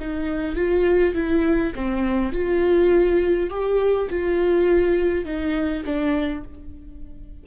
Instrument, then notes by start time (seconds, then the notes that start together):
viola
0.00 D#4
0.56 F4
1.15 E4
1.75 C4
2.33 F4
3.51 G4
4.10 F4
5.25 D#4
5.86 D4